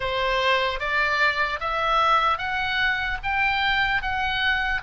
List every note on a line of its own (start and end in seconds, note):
0.00 0.79 C5
0.79 1.59 D5
1.60 2.38 E5
2.38 3.18 F#5
3.23 4.01 G5
4.01 4.81 F#5